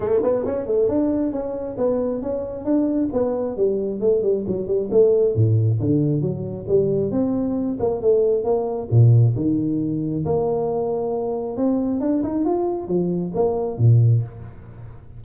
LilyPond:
\new Staff \with { instrumentName = "tuba" } { \time 4/4 \tempo 4 = 135 a8 b8 cis'8 a8 d'4 cis'4 | b4 cis'4 d'4 b4 | g4 a8 g8 fis8 g8 a4 | a,4 d4 fis4 g4 |
c'4. ais8 a4 ais4 | ais,4 dis2 ais4~ | ais2 c'4 d'8 dis'8 | f'4 f4 ais4 ais,4 | }